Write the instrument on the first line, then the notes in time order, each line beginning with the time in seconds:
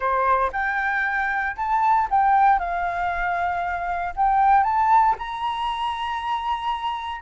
flute
0.00 C5
0.52 G5
1.56 A5
2.10 G5
2.59 F5
4.16 G5
4.63 A5
5.18 A#5